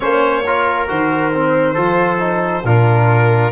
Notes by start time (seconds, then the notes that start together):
0.00 A#3 C#4 C5 C#5
0.46 F4 A#4
0.87 D#3 F#4 C5
1.33 C4
1.74 F3 F4 A4
2.18 D#4
2.63 A#2 D4 F4 A#4